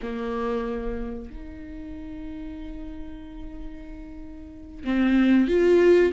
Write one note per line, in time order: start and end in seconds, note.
0.02 1.30 A#3
1.30 4.84 D#4
4.84 5.48 C4
5.48 6.12 F4